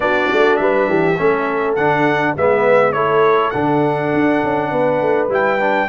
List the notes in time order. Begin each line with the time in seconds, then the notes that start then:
0.00 B3 D4 F#4 D5
0.31 A3
0.56 G3 B4 E5
0.88 E3 G4
1.18 A3 C#4 A4
1.75 D3 D4 F#5
2.37 G#3 B3 B4 E5
2.92 A3 E4 A4 C#5
3.50 D3 D4 F#5
4.13 D4
4.43 C#4
4.70 B3 B4
5.01 A3
5.28 G3 E4 G5
5.59 D4